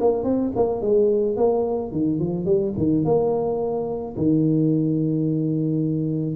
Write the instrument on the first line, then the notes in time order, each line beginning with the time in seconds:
tuba
0.00 A#3
0.23 C4
0.56 A#3
0.81 G#3
1.36 A#3
1.91 D#3
2.19 F3
2.45 G3
2.77 D#3
3.04 A#3
4.16 D#3